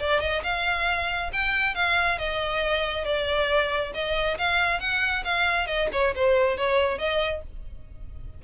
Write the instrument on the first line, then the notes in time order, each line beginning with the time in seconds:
violin
0.00 D5
0.21 D#5
0.43 F5
1.33 G5
1.75 F5
2.19 D#5
3.05 D5
3.94 D#5
4.38 F5
4.80 F#5
5.25 F5
5.67 D#5
5.93 C#5
6.16 C5
6.58 C#5
6.99 D#5